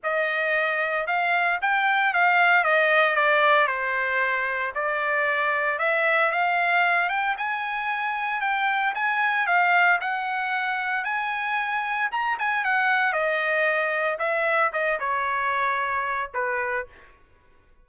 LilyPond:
\new Staff \with { instrumentName = "trumpet" } { \time 4/4 \tempo 4 = 114 dis''2 f''4 g''4 | f''4 dis''4 d''4 c''4~ | c''4 d''2 e''4 | f''4. g''8 gis''2 |
g''4 gis''4 f''4 fis''4~ | fis''4 gis''2 ais''8 gis''8 | fis''4 dis''2 e''4 | dis''8 cis''2~ cis''8 b'4 | }